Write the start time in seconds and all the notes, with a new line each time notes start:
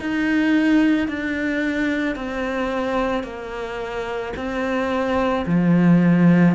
0.00 D#4
1.08 D4
2.16 C4
3.24 A#3
4.36 C4
5.46 F3